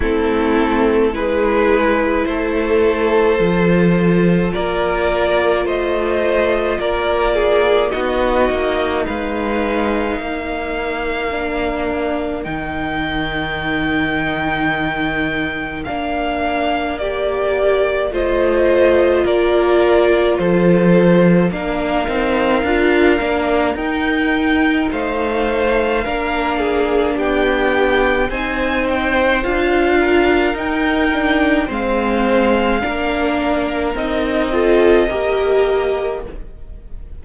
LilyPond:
<<
  \new Staff \with { instrumentName = "violin" } { \time 4/4 \tempo 4 = 53 a'4 b'4 c''2 | d''4 dis''4 d''4 dis''4 | f''2. g''4~ | g''2 f''4 d''4 |
dis''4 d''4 c''4 f''4~ | f''4 g''4 f''2 | g''4 gis''8 g''8 f''4 g''4 | f''2 dis''2 | }
  \new Staff \with { instrumentName = "violin" } { \time 4/4 e'4 gis'4 a'2 | ais'4 c''4 ais'8 gis'8 fis'4 | b'4 ais'2.~ | ais'1 |
c''4 ais'4 a'4 ais'4~ | ais'2 c''4 ais'8 gis'8 | g'4 c''4. ais'4. | c''4 ais'4. a'8 ais'4 | }
  \new Staff \with { instrumentName = "viola" } { \time 4/4 c'4 e'2 f'4~ | f'2. dis'4~ | dis'2 d'4 dis'4~ | dis'2 d'4 g'4 |
f'2. d'8 dis'8 | f'8 d'8 dis'2 d'4~ | d'4 dis'4 f'4 dis'8 d'8 | c'4 d'4 dis'8 f'8 g'4 | }
  \new Staff \with { instrumentName = "cello" } { \time 4/4 a4 gis4 a4 f4 | ais4 a4 ais4 b8 ais8 | gis4 ais2 dis4~ | dis2 ais2 |
a4 ais4 f4 ais8 c'8 | d'8 ais8 dis'4 a4 ais4 | b4 c'4 d'4 dis'4 | gis4 ais4 c'4 ais4 | }
>>